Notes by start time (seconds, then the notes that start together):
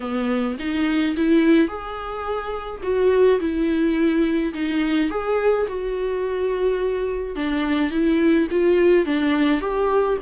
0.00 B3
0.59 D#4
1.16 E4
1.67 G#4
2.83 F#4
3.40 E4
4.54 D#4
5.10 G#4
5.68 F#4
7.35 D4
7.90 E4
8.50 F4
9.05 D4
9.60 G4